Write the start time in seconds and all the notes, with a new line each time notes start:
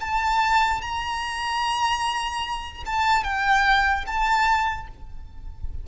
0.00 A5
0.81 A#5
2.85 A5
3.24 G5
4.06 A5